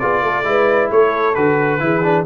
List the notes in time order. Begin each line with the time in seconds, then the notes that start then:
0.00 B3 F4 G#4 D5
0.23 A3 A4
0.45 G#3 E4 B4
0.92 A3 A4 C#5
1.35 D3 F#4 B4
1.80 E3 E4 G#4
2.03 D4